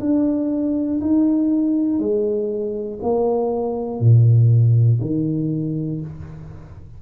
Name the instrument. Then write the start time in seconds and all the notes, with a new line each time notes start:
tuba
0.00 D4
1.01 D#4
2.00 G#3
3.03 A#3
4.00 A#2
5.01 D#3